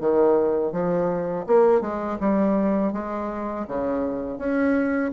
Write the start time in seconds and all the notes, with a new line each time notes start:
0.00 D#3
0.73 F3
1.47 A#3
1.81 G#3
2.20 G3
2.93 G#3
3.68 C#3
4.38 C#4